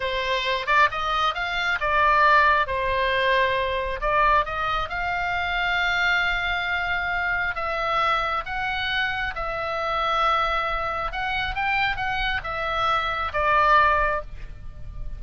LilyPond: \new Staff \with { instrumentName = "oboe" } { \time 4/4 \tempo 4 = 135 c''4. d''8 dis''4 f''4 | d''2 c''2~ | c''4 d''4 dis''4 f''4~ | f''1~ |
f''4 e''2 fis''4~ | fis''4 e''2.~ | e''4 fis''4 g''4 fis''4 | e''2 d''2 | }